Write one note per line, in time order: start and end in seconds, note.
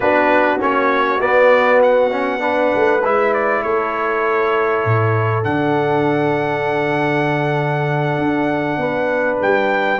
0.00 0.60 B3
0.00 0.59 D4
0.00 2.40 F#4
0.00 0.60 B4
0.59 1.21 A#3
0.59 1.19 C#4
0.59 1.20 C#5
1.20 2.10 B3
1.20 2.73 B3
1.20 1.81 D5
1.82 3.03 F#5
2.10 2.39 C#4
2.39 2.99 D4
2.39 3.61 B4
2.74 3.05 A3
3.04 3.64 G#3
3.04 5.43 E4
3.04 3.33 E5
3.33 3.62 D5
3.62 4.84 A3
3.62 8.79 A4
3.62 5.44 C#5
4.84 5.45 A2
5.43 8.18 D3
5.43 9.97 D4
5.43 9.37 F#5
8.18 8.77 D4
8.77 9.37 B3
8.77 9.99 B4
9.41 9.99 G3
9.41 9.99 G5